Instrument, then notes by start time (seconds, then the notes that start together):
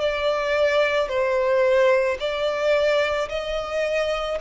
violin
0.00 D5
1.09 C5
2.20 D5
3.30 D#5